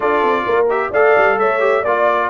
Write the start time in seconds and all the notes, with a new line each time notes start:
0.00 D4 F4 A4 D5
0.22 C4
0.45 A#3 A#4
0.69 G4 E5
0.90 A3 A4 D5 F5
1.16 G3
1.37 A3 C#5 E5
1.59 G4
1.81 A#3 F4 D5